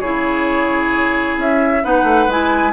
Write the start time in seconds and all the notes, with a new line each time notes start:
0.00 C#3 E4 G#4 C#5
1.38 C#4 E5
1.83 B3 D#4 B4 F#5
2.04 A3
2.28 G#3 E4 G#5